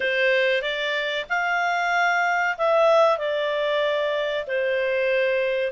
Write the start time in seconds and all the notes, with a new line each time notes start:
0.00 C5
0.62 D5
1.29 F5
2.57 E5
3.17 D5
4.47 C5